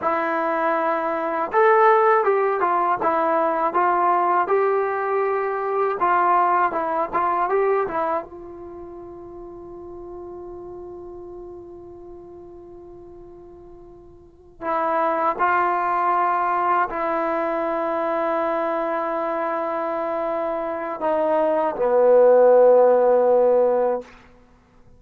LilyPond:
\new Staff \with { instrumentName = "trombone" } { \time 4/4 \tempo 4 = 80 e'2 a'4 g'8 f'8 | e'4 f'4 g'2 | f'4 e'8 f'8 g'8 e'8 f'4~ | f'1~ |
f'2.~ f'8 e'8~ | e'8 f'2 e'4.~ | e'1 | dis'4 b2. | }